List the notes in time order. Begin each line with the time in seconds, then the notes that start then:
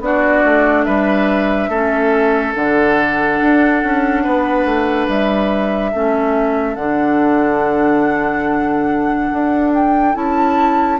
0.00 B3 D4 F#4 D5
0.45 A3
0.84 G3 B4 E5
1.68 A3 C#4 A4
2.55 D3 D4 F#5
3.41 D4
3.83 C#4
4.23 B3 B4
4.65 A3
5.08 G3 E5
5.91 A3 C#4 A4
6.75 D3 D4 F#5
9.33 D4
9.74 G5
10.14 C#4 E4 A5